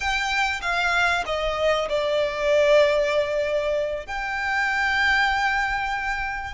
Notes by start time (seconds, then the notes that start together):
0.00 G5
0.61 F5
1.26 D#5
1.88 D5
4.06 G5